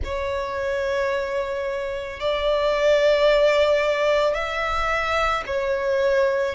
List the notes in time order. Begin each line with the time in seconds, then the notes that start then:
0.03 C#5
2.20 D5
4.34 E5
5.46 C#5